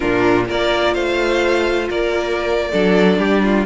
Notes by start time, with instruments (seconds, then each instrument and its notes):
0.00 cello A#2, viola D4, violin F4 A#4
0.46 cello A#3, viola F4, violin A#4 D5
0.94 cello A3, violin C5 F5
1.88 cello A#3, violin A#4 D5
2.71 cello F#3, viola D4, violin A4
3.18 cello G3, violin G4
3.43 violin F4